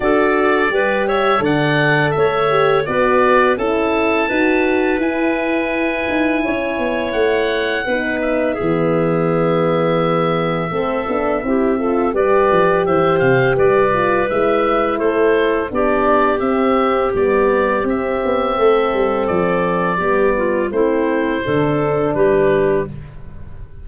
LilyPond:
<<
  \new Staff \with { instrumentName = "oboe" } { \time 4/4 \tempo 4 = 84 d''4. e''8 fis''4 e''4 | d''4 a''2 gis''4~ | gis''2 fis''4. e''8~ | e''1~ |
e''4 d''4 e''8 f''8 d''4 | e''4 c''4 d''4 e''4 | d''4 e''2 d''4~ | d''4 c''2 b'4 | }
  \new Staff \with { instrumentName = "clarinet" } { \time 4/4 a'4 b'8 cis''8 d''4 cis''4 | b'4 a'4 b'2~ | b'4 cis''2 b'4 | gis'2. a'4 |
g'8 a'8 b'4 c''4 b'4~ | b'4 a'4 g'2~ | g'2 a'2 | g'8 f'8 e'4 a'4 g'4 | }
  \new Staff \with { instrumentName = "horn" } { \time 4/4 fis'4 g'4 a'4. g'8 | fis'4 e'4 fis'4 e'4~ | e'2. dis'4 | b2. c'8 d'8 |
e'8 f'8 g'2~ g'8 f'8 | e'2 d'4 c'4 | b4 c'2. | b4 c'4 d'2 | }
  \new Staff \with { instrumentName = "tuba" } { \time 4/4 d'4 g4 d4 a4 | b4 cis'4 dis'4 e'4~ | e'8 dis'8 cis'8 b8 a4 b4 | e2. a8 b8 |
c'4 g8 f8 e8 c8 g4 | gis4 a4 b4 c'4 | g4 c'8 b8 a8 g8 f4 | g4 a4 d4 g4 | }
>>